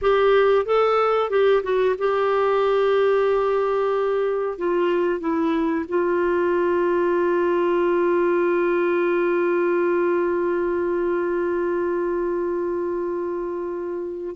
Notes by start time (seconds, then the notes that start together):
0.01 G4
0.65 A4
1.30 G4
1.63 F#4
1.98 G4
4.58 F4
5.20 E4
5.88 F4